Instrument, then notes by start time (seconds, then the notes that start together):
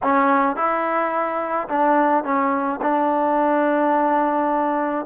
trombone
0.02 C#4
0.56 E4
1.68 D4
2.24 C#4
2.81 D4